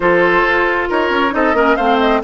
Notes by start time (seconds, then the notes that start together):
0.00 F3 F4 A4 C5
0.44 F4
0.89 D#4 A#4 C#5
1.09 C#4
1.31 C4 D#4 A4 D#5
1.53 A#3 C#4 A#4
1.76 A3 C4 C5 F5
1.99 D#5